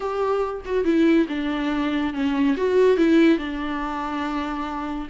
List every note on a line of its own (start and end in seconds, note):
0.00 0.61 G4
0.65 0.84 F#4
0.84 1.26 E4
1.28 2.13 D4
2.13 2.56 C#4
2.56 2.97 F#4
2.97 3.38 E4
3.38 5.08 D4